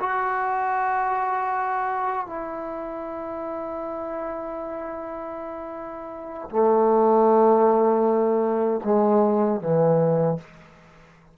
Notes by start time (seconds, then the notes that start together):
0.00 F#4
2.27 E4
6.50 A3
8.84 G#3
9.60 E3